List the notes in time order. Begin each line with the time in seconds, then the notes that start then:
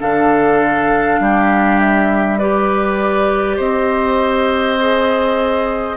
0.00 D3 D4 A4 F5
1.20 G3 G4
1.80 E5
2.39 G4 B4 D5
3.56 C4 C5 D#5
4.79 G#4